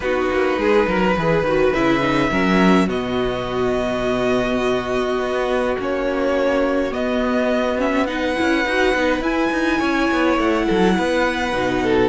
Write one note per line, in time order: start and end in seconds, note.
0.00 0.28 B3
0.00 1.17 D#4
0.00 0.59 F#4
0.00 1.72 B4
0.30 0.57 A#3
0.57 0.86 G#3
0.57 0.87 G#4
0.87 1.16 F#3
0.87 1.16 A#4
1.17 1.42 E3
1.17 1.47 G#4
1.17 2.30 B4
1.42 1.71 D#3
1.42 1.75 F#4
1.73 2.31 C#3
1.73 2.00 E4
1.73 2.88 E5
2.00 2.29 D#4
2.30 2.88 F#3
2.30 2.87 C#4
2.30 2.87 A#4
2.87 5.18 B2
2.87 5.76 B3
2.87 8.06 F#4
2.87 5.78 D#5
5.18 5.76 B3
5.78 6.92 A#3
5.78 6.91 C#4
5.78 6.93 C#5
6.91 7.77 B3
6.91 8.36 B3
6.91 7.79 D#5
7.77 8.06 C#4
7.77 8.06 E5
8.06 8.35 D#4
8.06 9.79 B4
8.06 9.22 F#5
8.35 8.65 C#4
8.35 8.63 E4
8.65 8.94 D#4
8.65 8.95 F#4
8.94 9.20 B3
8.94 9.22 D#4
9.20 9.49 E4
9.20 11.53 E4
9.20 10.38 G#5
9.51 9.80 D#4
9.79 10.09 C#4
9.79 10.65 C#5
10.11 10.37 B3
10.37 10.66 A3
10.37 12.08 F#5
10.66 10.98 F#3
10.66 10.95 A4
10.97 11.53 B3
10.97 11.83 B4
11.53 12.08 B2
11.53 12.08 D#4
11.83 12.08 A4